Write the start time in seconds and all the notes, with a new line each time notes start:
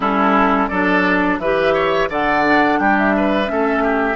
0.00 G3 C#4 E4 A4
0.68 F#3 D4 A4 D5
1.38 E3 G4 B4 E5
1.74 C#5
2.09 D3 A4 D5 F#5
2.44 D4
2.79 G3 G4 G5
2.98 E5
3.16 B4
3.45 A3 C#4
3.52 A4
3.83 G4